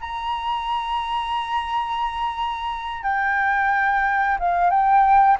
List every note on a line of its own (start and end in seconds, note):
0.00 3.03 A#5
3.03 4.38 G5
4.39 4.70 F5
4.70 5.37 G5